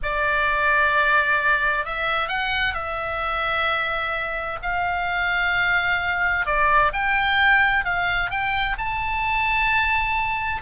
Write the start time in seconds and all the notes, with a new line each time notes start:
0.02 D5
1.85 E5
2.28 F#5
2.74 E5
4.62 F5
6.46 D5
6.92 G5
7.84 F5
8.30 G5
8.78 A5